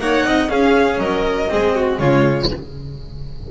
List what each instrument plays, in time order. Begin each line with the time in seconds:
0.00 double bass A#3, cello D#4, violin C#5 F#5
0.25 double bass C4, violin D#5
0.49 cello C#4, double bass C#4, violin G#4 F5
0.98 double bass F#3, violin A#4 D#5
1.50 double bass G#3, cello C4, violin G#4
1.76 violin F#4
1.99 double bass C#3, cello G#3, violin F4 C#5